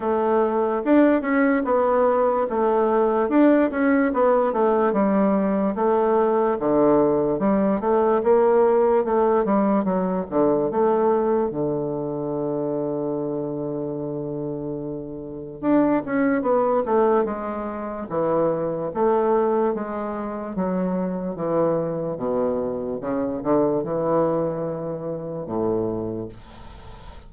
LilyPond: \new Staff \with { instrumentName = "bassoon" } { \time 4/4 \tempo 4 = 73 a4 d'8 cis'8 b4 a4 | d'8 cis'8 b8 a8 g4 a4 | d4 g8 a8 ais4 a8 g8 | fis8 d8 a4 d2~ |
d2. d'8 cis'8 | b8 a8 gis4 e4 a4 | gis4 fis4 e4 b,4 | cis8 d8 e2 a,4 | }